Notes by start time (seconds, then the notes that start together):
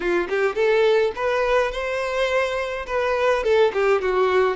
0.00 F4
0.29 G4
0.55 A4
1.15 B4
1.71 C5
2.86 B4
3.43 A4
3.73 G4
4.01 F#4